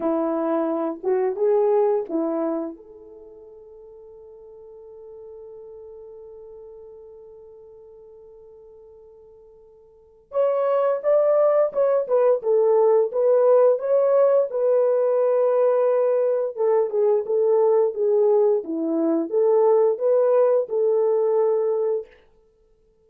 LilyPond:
\new Staff \with { instrumentName = "horn" } { \time 4/4 \tempo 4 = 87 e'4. fis'8 gis'4 e'4 | a'1~ | a'1~ | a'2. cis''4 |
d''4 cis''8 b'8 a'4 b'4 | cis''4 b'2. | a'8 gis'8 a'4 gis'4 e'4 | a'4 b'4 a'2 | }